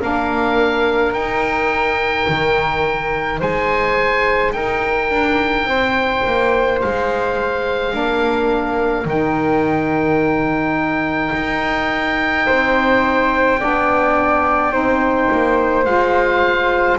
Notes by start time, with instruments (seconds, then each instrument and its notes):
0.00 double bass A#3, saxophone D4, flute A#4, oboe F5
1.13 double bass D#4, saxophone D#4, oboe G5
2.29 double bass D#3
3.40 double bass G#3, flute C5, oboe G#5
4.53 double bass D#4, flute A#4, oboe G5
5.10 double bass D4
5.65 double bass C4, flute C5
6.26 double bass A#3
6.82 double bass G#3, oboe F5
7.90 double bass A#3, saxophone D4, flute A#4
9.05 double bass D#3, saxophone D#4, oboe G5
11.34 double bass D#4
12.46 double bass C4, flute C5
13.60 double bass B3, saxophone D4, flute D5
14.72 double bass C4, saxophone D#4, flute C5
15.32 double bass A#3
15.85 double bass G#3, saxophone F4, oboe F5